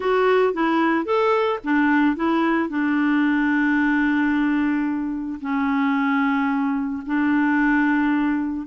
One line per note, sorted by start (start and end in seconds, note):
0.00 0.53 F#4
0.53 1.05 E4
1.05 1.59 A4
1.63 2.15 D4
2.15 2.69 E4
2.69 5.39 D4
5.41 7.03 C#4
7.06 8.66 D4